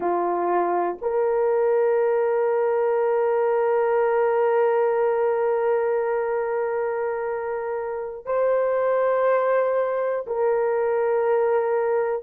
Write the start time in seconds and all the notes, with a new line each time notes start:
0.00 F4
1.01 A#4
8.25 C5
10.26 A#4